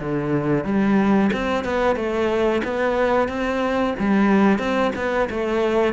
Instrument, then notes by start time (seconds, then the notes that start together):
cello
0.00 D3
0.64 G3
1.33 C4
1.64 B3
1.96 A3
2.64 B3
3.28 C4
3.99 G3
4.59 C4
4.96 B3
5.30 A3